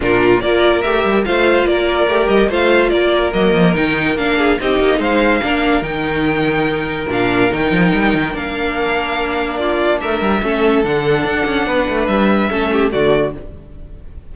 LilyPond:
<<
  \new Staff \with { instrumentName = "violin" } { \time 4/4 \tempo 4 = 144 ais'4 d''4 e''4 f''4 | d''4. dis''8 f''4 d''4 | dis''4 g''4 f''4 dis''4 | f''2 g''2~ |
g''4 f''4 g''2 | f''2. d''4 | e''2 fis''2~ | fis''4 e''2 d''4 | }
  \new Staff \with { instrumentName = "violin" } { \time 4/4 f'4 ais'2 c''4 | ais'2 c''4 ais'4~ | ais'2~ ais'8 gis'8 g'4 | c''4 ais'2.~ |
ais'1~ | ais'2. f'4 | ais'4 a'2. | b'2 a'8 g'8 fis'4 | }
  \new Staff \with { instrumentName = "viola" } { \time 4/4 d'4 f'4 g'4 f'4~ | f'4 g'4 f'2 | ais4 dis'4 d'4 dis'4~ | dis'4 d'4 dis'2~ |
dis'4 d'4 dis'2 | d'1~ | d'4 cis'4 d'2~ | d'2 cis'4 a4 | }
  \new Staff \with { instrumentName = "cello" } { \time 4/4 ais,4 ais4 a8 g8 a4 | ais4 a8 g8 a4 ais4 | fis8 f8 dis4 ais4 c'8 ais8 | gis4 ais4 dis2~ |
dis4 ais,4 dis8 f8 g8 dis8 | ais1 | a8 g8 a4 d4 d'8 cis'8 | b8 a8 g4 a4 d4 | }
>>